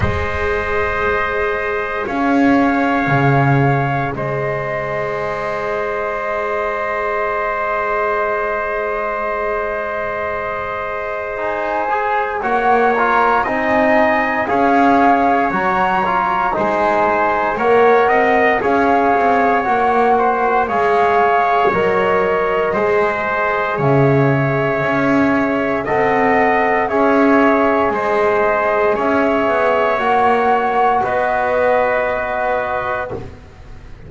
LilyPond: <<
  \new Staff \with { instrumentName = "flute" } { \time 4/4 \tempo 4 = 58 dis''2 f''2 | dis''1~ | dis''2. gis''4 | fis''8 ais''8 gis''4 f''4 ais''4 |
gis''4 fis''4 f''4 fis''4 | f''4 dis''2 e''4~ | e''4 fis''4 e''4 dis''4 | e''4 fis''4 dis''2 | }
  \new Staff \with { instrumentName = "trumpet" } { \time 4/4 c''2 cis''2 | c''1~ | c''1 | cis''4 dis''4 cis''2 |
c''4 cis''8 dis''8 cis''4. c''8 | cis''2 c''4 cis''4~ | cis''4 dis''4 cis''4 c''4 | cis''2 b'2 | }
  \new Staff \with { instrumentName = "trombone" } { \time 4/4 gis'1~ | gis'1~ | gis'2. dis'8 gis'8 | fis'8 f'8 dis'4 gis'4 fis'8 f'8 |
dis'4 ais'4 gis'4 fis'4 | gis'4 ais'4 gis'2~ | gis'4 a'4 gis'2~ | gis'4 fis'2. | }
  \new Staff \with { instrumentName = "double bass" } { \time 4/4 gis2 cis'4 cis4 | gis1~ | gis1 | ais4 c'4 cis'4 fis4 |
gis4 ais8 c'8 cis'8 c'8 ais4 | gis4 fis4 gis4 cis4 | cis'4 c'4 cis'4 gis4 | cis'8 b8 ais4 b2 | }
>>